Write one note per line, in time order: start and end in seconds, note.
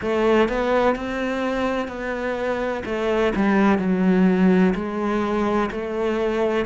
0.01 0.48 A3
0.48 0.95 B3
0.95 1.87 C4
1.87 2.83 B3
2.85 3.32 A3
3.35 3.78 G3
3.78 4.74 F#3
4.74 5.70 G#3
5.71 6.65 A3